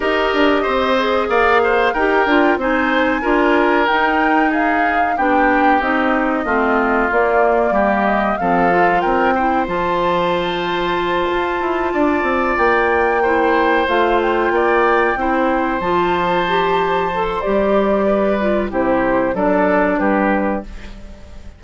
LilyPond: <<
  \new Staff \with { instrumentName = "flute" } { \time 4/4 \tempo 4 = 93 dis''2 f''4 g''4 | gis''2 g''4 f''4 | g''4 dis''2 d''4~ | d''8 dis''8 f''4 g''4 a''4~ |
a''2.~ a''8 g''8~ | g''4. f''8 g''2~ | g''8 a''2~ a''16 c'''16 d''4~ | d''4 c''4 d''4 b'4 | }
  \new Staff \with { instrumentName = "oboe" } { \time 4/4 ais'4 c''4 d''8 c''8 ais'4 | c''4 ais'2 gis'4 | g'2 f'2 | g'4 a'4 ais'8 c''4.~ |
c''2~ c''8 d''4.~ | d''8 c''2 d''4 c''8~ | c''1 | b'4 g'4 a'4 g'4 | }
  \new Staff \with { instrumentName = "clarinet" } { \time 4/4 g'4. gis'4. g'8 f'8 | dis'4 f'4 dis'2 | d'4 dis'4 c'4 ais4~ | ais4 c'8 f'4 e'8 f'4~ |
f'1~ | f'8 e'4 f'2 e'8~ | e'8 f'4 g'4 a'8 g'4~ | g'8 f'8 e'4 d'2 | }
  \new Staff \with { instrumentName = "bassoon" } { \time 4/4 dis'8 d'8 c'4 ais4 dis'8 d'8 | c'4 d'4 dis'2 | b4 c'4 a4 ais4 | g4 f4 c'4 f4~ |
f4. f'8 e'8 d'8 c'8 ais8~ | ais4. a4 ais4 c'8~ | c'8 f2~ f8 g4~ | g4 c4 fis4 g4 | }
>>